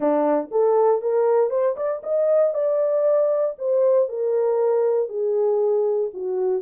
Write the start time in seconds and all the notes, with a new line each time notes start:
0.00 D4
0.51 A4
1.01 A#4
1.50 C5
1.76 D5
2.03 D#5
2.54 D5
3.58 C5
4.08 A#4
5.08 G#4
6.13 F#4